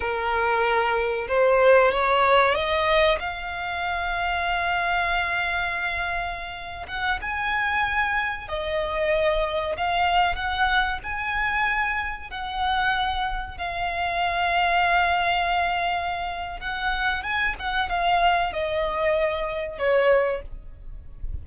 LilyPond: \new Staff \with { instrumentName = "violin" } { \time 4/4 \tempo 4 = 94 ais'2 c''4 cis''4 | dis''4 f''2.~ | f''2~ f''8. fis''8 gis''8.~ | gis''4~ gis''16 dis''2 f''8.~ |
f''16 fis''4 gis''2 fis''8.~ | fis''4~ fis''16 f''2~ f''8.~ | f''2 fis''4 gis''8 fis''8 | f''4 dis''2 cis''4 | }